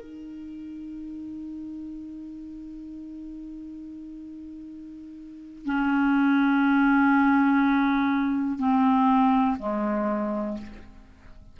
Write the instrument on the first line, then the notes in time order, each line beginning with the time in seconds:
clarinet
0.00 D#4
5.66 C#4
8.59 C4
9.59 G#3